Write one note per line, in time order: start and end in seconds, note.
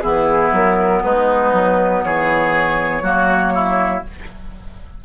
0.00 0.52 E3
0.00 3.03 B3
0.00 1.03 E4
0.00 0.50 G#4
0.52 1.02 F#3
0.52 1.04 A#4
1.04 1.53 G#3
1.04 2.04 D#4
1.04 2.04 B4
1.53 2.03 F#3
2.04 3.02 E3
2.04 3.03 G#4
2.04 4.04 C#5
3.02 4.02 F#3
3.02 4.03 A#3
3.02 3.53 F#4
3.55 4.05 E4